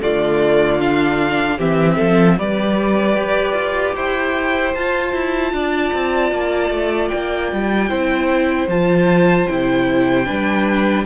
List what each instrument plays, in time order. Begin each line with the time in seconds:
0.00 cello D3, viola A3, violin F4 D5
0.79 viola D4, violin F5
1.57 cello E3, viola C4, violin G4 E5
1.95 cello F3, violin A4
2.38 cello G3, viola G4, violin B4 D5
3.16 cello G4
3.53 cello F4
3.95 cello E4, violin C5 G5
4.74 cello F4, viola F4, violin A5
5.13 cello E4
5.52 cello D4, violin D5
5.93 cello C4
6.31 cello A#3
6.70 cello A3
7.08 cello A#3, violin G5
7.52 cello G3
7.88 cello C4, viola E4, violin C5
8.67 cello F3, viola F4, violin A5
9.47 cello C3, viola E4, violin G5
10.25 cello G3, viola D4, violin B4